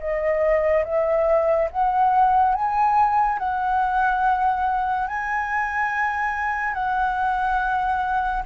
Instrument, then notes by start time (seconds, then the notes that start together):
flute
0.00 D#5
0.85 E5
1.72 F#5
2.55 G#5
3.39 F#5
5.08 G#5
6.75 F#5